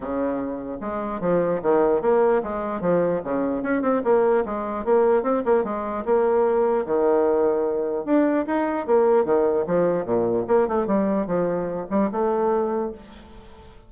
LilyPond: \new Staff \with { instrumentName = "bassoon" } { \time 4/4 \tempo 4 = 149 cis2 gis4 f4 | dis4 ais4 gis4 f4 | cis4 cis'8 c'8 ais4 gis4 | ais4 c'8 ais8 gis4 ais4~ |
ais4 dis2. | d'4 dis'4 ais4 dis4 | f4 ais,4 ais8 a8 g4 | f4. g8 a2 | }